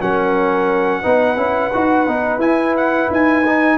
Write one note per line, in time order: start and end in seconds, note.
0.00 1.03 F#3
0.00 1.02 C#4
0.00 1.01 A#4
0.00 2.40 F#5
1.01 1.36 B3
1.01 1.36 D#4
1.01 3.77 B4
1.36 1.71 C#4
1.36 1.71 E4
1.73 2.07 D#4
1.73 2.07 F#4
2.07 2.37 B3
2.07 2.39 D#4
2.37 3.06 E4
2.37 3.43 E4
2.37 2.75 G#5
2.76 3.10 F#5
3.10 3.78 D#4
3.10 3.78 G#5
3.46 3.78 D#4